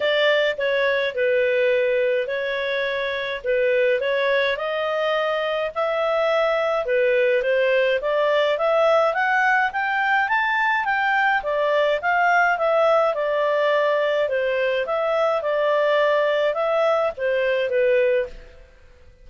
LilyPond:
\new Staff \with { instrumentName = "clarinet" } { \time 4/4 \tempo 4 = 105 d''4 cis''4 b'2 | cis''2 b'4 cis''4 | dis''2 e''2 | b'4 c''4 d''4 e''4 |
fis''4 g''4 a''4 g''4 | d''4 f''4 e''4 d''4~ | d''4 c''4 e''4 d''4~ | d''4 e''4 c''4 b'4 | }